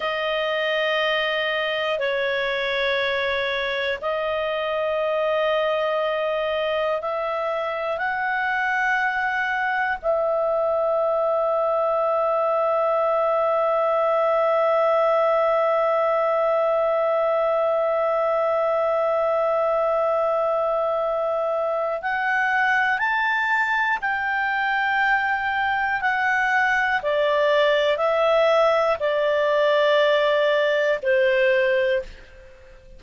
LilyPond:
\new Staff \with { instrumentName = "clarinet" } { \time 4/4 \tempo 4 = 60 dis''2 cis''2 | dis''2. e''4 | fis''2 e''2~ | e''1~ |
e''1~ | e''2 fis''4 a''4 | g''2 fis''4 d''4 | e''4 d''2 c''4 | }